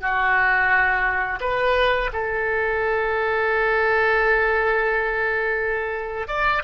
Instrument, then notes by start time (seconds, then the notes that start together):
oboe
0.00 F#4
1.40 B4
2.13 A4
6.28 D5